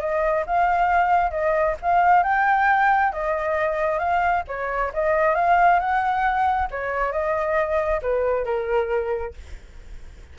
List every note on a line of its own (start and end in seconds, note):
0.00 0.44 D#5
0.46 1.31 F5
1.31 1.75 D#5
1.82 2.23 F5
2.23 3.12 G5
3.12 3.99 D#5
3.99 4.43 F5
4.48 4.92 C#5
4.94 5.35 D#5
5.35 5.79 F5
5.79 6.68 F#5
6.71 7.12 C#5
7.12 8.01 D#5
8.02 8.45 B4
8.45 9.34 A#4